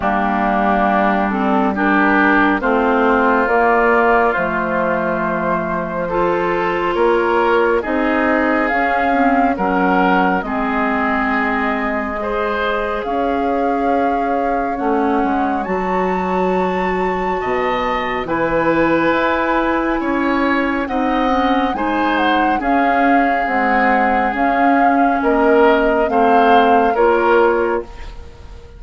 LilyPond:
<<
  \new Staff \with { instrumentName = "flute" } { \time 4/4 \tempo 4 = 69 g'4. a'8 ais'4 c''4 | d''4 c''2. | cis''4 dis''4 f''4 fis''4 | dis''2. f''4~ |
f''4 fis''4 a''2~ | a''4 gis''2. | fis''4 gis''8 fis''8 f''4 fis''4 | f''4 dis''4 f''4 cis''4 | }
  \new Staff \with { instrumentName = "oboe" } { \time 4/4 d'2 g'4 f'4~ | f'2. a'4 | ais'4 gis'2 ais'4 | gis'2 c''4 cis''4~ |
cis''1 | dis''4 b'2 cis''4 | dis''4 c''4 gis'2~ | gis'4 ais'4 c''4 ais'4 | }
  \new Staff \with { instrumentName = "clarinet" } { \time 4/4 ais4. c'8 d'4 c'4 | ais4 a2 f'4~ | f'4 dis'4 cis'8 c'8 cis'4 | c'2 gis'2~ |
gis'4 cis'4 fis'2~ | fis'4 e'2. | dis'8 cis'8 dis'4 cis'4 gis4 | cis'2 c'4 f'4 | }
  \new Staff \with { instrumentName = "bassoon" } { \time 4/4 g2. a4 | ais4 f2. | ais4 c'4 cis'4 fis4 | gis2. cis'4~ |
cis'4 a8 gis8 fis2 | b,4 e4 e'4 cis'4 | c'4 gis4 cis'4 c'4 | cis'4 ais4 a4 ais4 | }
>>